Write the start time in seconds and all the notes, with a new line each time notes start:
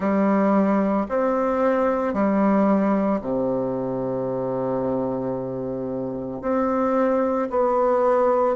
0.00 G3
1.09 C4
2.13 G3
3.21 C3
6.41 C4
7.50 B3